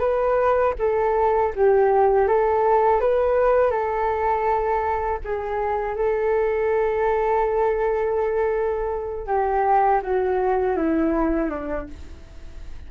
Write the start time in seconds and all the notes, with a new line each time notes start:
0.00 B4
0.79 A4
1.56 G4
2.28 A4
3.00 B4
3.71 A4
5.25 G#4
5.96 A4
9.27 G4
10.03 F#4
10.76 E4
11.50 D4